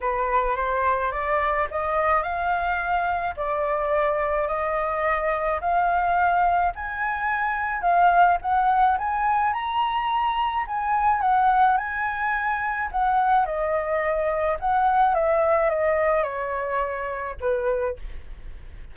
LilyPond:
\new Staff \with { instrumentName = "flute" } { \time 4/4 \tempo 4 = 107 b'4 c''4 d''4 dis''4 | f''2 d''2 | dis''2 f''2 | gis''2 f''4 fis''4 |
gis''4 ais''2 gis''4 | fis''4 gis''2 fis''4 | dis''2 fis''4 e''4 | dis''4 cis''2 b'4 | }